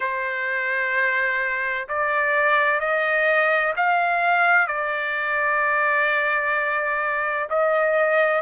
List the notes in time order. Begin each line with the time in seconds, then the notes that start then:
0.00 C5
1.88 D5
2.80 D#5
3.76 F5
4.67 D5
7.49 D#5